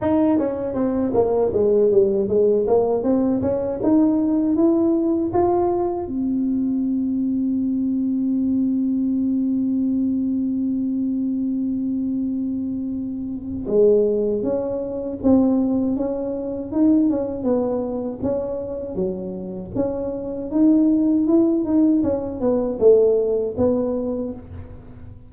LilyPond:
\new Staff \with { instrumentName = "tuba" } { \time 4/4 \tempo 4 = 79 dis'8 cis'8 c'8 ais8 gis8 g8 gis8 ais8 | c'8 cis'8 dis'4 e'4 f'4 | c'1~ | c'1~ |
c'2 gis4 cis'4 | c'4 cis'4 dis'8 cis'8 b4 | cis'4 fis4 cis'4 dis'4 | e'8 dis'8 cis'8 b8 a4 b4 | }